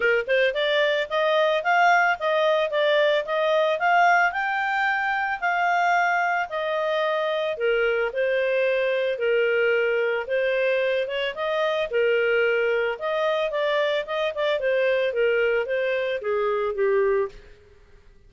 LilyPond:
\new Staff \with { instrumentName = "clarinet" } { \time 4/4 \tempo 4 = 111 ais'8 c''8 d''4 dis''4 f''4 | dis''4 d''4 dis''4 f''4 | g''2 f''2 | dis''2 ais'4 c''4~ |
c''4 ais'2 c''4~ | c''8 cis''8 dis''4 ais'2 | dis''4 d''4 dis''8 d''8 c''4 | ais'4 c''4 gis'4 g'4 | }